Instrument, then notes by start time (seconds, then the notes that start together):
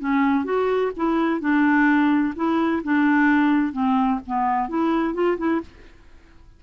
clarinet
0.00 C#4
0.45 F#4
0.97 E4
1.41 D4
2.36 E4
2.84 D4
3.73 C4
4.27 B3
4.69 E4
5.14 F4
5.38 E4